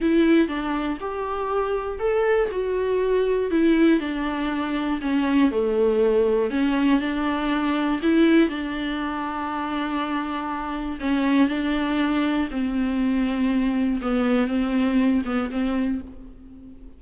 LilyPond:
\new Staff \with { instrumentName = "viola" } { \time 4/4 \tempo 4 = 120 e'4 d'4 g'2 | a'4 fis'2 e'4 | d'2 cis'4 a4~ | a4 cis'4 d'2 |
e'4 d'2.~ | d'2 cis'4 d'4~ | d'4 c'2. | b4 c'4. b8 c'4 | }